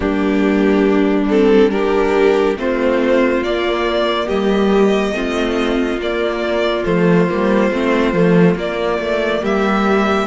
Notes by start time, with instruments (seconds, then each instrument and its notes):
0.00 cello G3, viola A#3, violin D4 G4
1.29 viola C4, violin A4
1.70 viola D4, violin G4 A#4
2.56 cello A3, viola C4, violin F4 C5
3.42 cello A#3, viola A#3, violin D5
4.26 cello G3, violin G4 D#5
5.12 cello A3, viola C4, violin F4
5.97 cello A#3, viola A#3, violin D5
6.84 cello F3, viola A3, violin C5
7.28 cello G3, viola A#3
7.70 cello A3, viola C4
8.13 cello F3, viola A3
8.55 cello A#3, viola A#3, violin D5
8.98 cello A3
9.41 cello G3, violin G4 E5